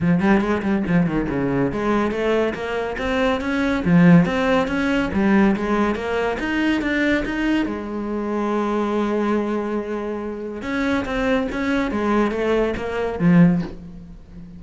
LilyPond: \new Staff \with { instrumentName = "cello" } { \time 4/4 \tempo 4 = 141 f8 g8 gis8 g8 f8 dis8 cis4 | gis4 a4 ais4 c'4 | cis'4 f4 c'4 cis'4 | g4 gis4 ais4 dis'4 |
d'4 dis'4 gis2~ | gis1~ | gis4 cis'4 c'4 cis'4 | gis4 a4 ais4 f4 | }